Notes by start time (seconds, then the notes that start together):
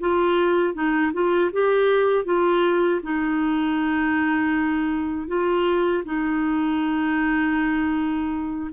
0.00 F4
0.74 D#4
1.13 F4
1.53 G4
2.25 F4
3.03 D#4
5.28 F4
6.05 D#4